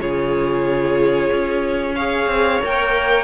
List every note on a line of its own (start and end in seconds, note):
0.00 1.31 C#3
0.00 1.96 F4
0.00 1.95 G#4
0.00 1.96 C#5
1.32 2.26 C#4
1.95 2.62 G#4
1.95 3.24 C#5
1.95 2.61 F5
2.26 2.59 C4
2.62 3.24 A#3
2.62 3.24 A#4
2.62 3.24 G5